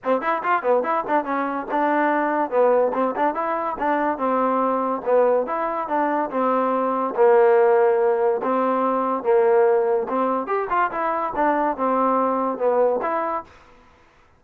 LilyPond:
\new Staff \with { instrumentName = "trombone" } { \time 4/4 \tempo 4 = 143 c'8 e'8 f'8 b8 e'8 d'8 cis'4 | d'2 b4 c'8 d'8 | e'4 d'4 c'2 | b4 e'4 d'4 c'4~ |
c'4 ais2. | c'2 ais2 | c'4 g'8 f'8 e'4 d'4 | c'2 b4 e'4 | }